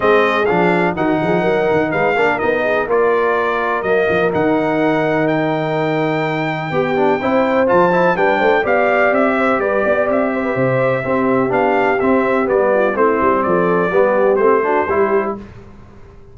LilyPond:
<<
  \new Staff \with { instrumentName = "trumpet" } { \time 4/4 \tempo 4 = 125 dis''4 f''4 fis''2 | f''4 dis''4 d''2 | dis''4 fis''2 g''4~ | g''1 |
a''4 g''4 f''4 e''4 | d''4 e''2. | f''4 e''4 d''4 c''4 | d''2 c''2 | }
  \new Staff \with { instrumentName = "horn" } { \time 4/4 gis'2 fis'8 gis'8 ais'4 | b'8 ais'4 gis'8 ais'2~ | ais'1~ | ais'2 g'4 c''4~ |
c''4 b'8 c''8 d''4. c''8 | b'8 d''4 c''16 b'16 c''4 g'4~ | g'2~ g'8 f'8 e'4 | a'4 g'4. fis'8 g'4 | }
  \new Staff \with { instrumentName = "trombone" } { \time 4/4 c'4 d'4 dis'2~ | dis'8 d'8 dis'4 f'2 | ais4 dis'2.~ | dis'2 g'8 d'8 e'4 |
f'8 e'8 d'4 g'2~ | g'2. c'4 | d'4 c'4 b4 c'4~ | c'4 b4 c'8 d'8 e'4 | }
  \new Staff \with { instrumentName = "tuba" } { \time 4/4 gis4 f4 dis8 f8 fis8 dis8 | gis8 ais8 b4 ais2 | fis8 f8 dis2.~ | dis2 b4 c'4 |
f4 g8 a8 b4 c'4 | g8 b8 c'4 c4 c'4 | b4 c'4 g4 a8 g8 | f4 g4 a4 g4 | }
>>